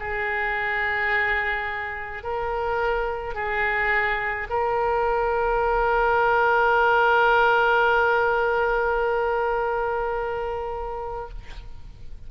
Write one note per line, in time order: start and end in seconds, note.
0.00 2.24 G#4
2.24 3.35 A#4
3.35 4.48 G#4
4.50 11.30 A#4